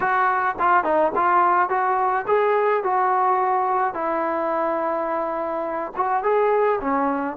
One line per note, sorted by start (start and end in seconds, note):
0.00 0.55 F#4
0.59 0.83 F4
0.83 1.12 D#4
1.15 1.69 F4
1.69 2.25 F#4
2.27 2.83 G#4
2.83 3.94 F#4
3.94 5.92 E4
5.96 6.23 F#4
6.23 6.79 G#4
6.81 7.37 C#4